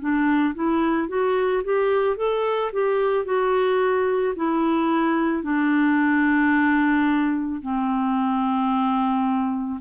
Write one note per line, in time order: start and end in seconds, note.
0.00 0.55 D4
0.55 1.09 E4
1.09 1.63 F#4
1.64 2.17 G4
2.17 2.71 A4
2.73 3.25 G4
3.25 4.34 F#4
4.36 5.43 E4
5.43 7.61 D4
7.62 9.80 C4